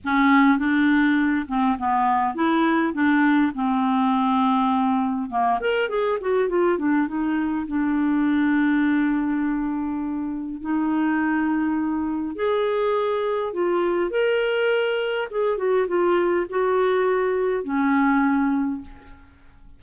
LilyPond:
\new Staff \with { instrumentName = "clarinet" } { \time 4/4 \tempo 4 = 102 cis'4 d'4. c'8 b4 | e'4 d'4 c'2~ | c'4 ais8 ais'8 gis'8 fis'8 f'8 d'8 | dis'4 d'2.~ |
d'2 dis'2~ | dis'4 gis'2 f'4 | ais'2 gis'8 fis'8 f'4 | fis'2 cis'2 | }